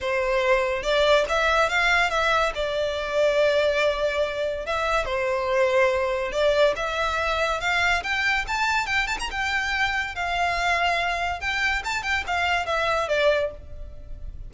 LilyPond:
\new Staff \with { instrumentName = "violin" } { \time 4/4 \tempo 4 = 142 c''2 d''4 e''4 | f''4 e''4 d''2~ | d''2. e''4 | c''2. d''4 |
e''2 f''4 g''4 | a''4 g''8 a''16 ais''16 g''2 | f''2. g''4 | a''8 g''8 f''4 e''4 d''4 | }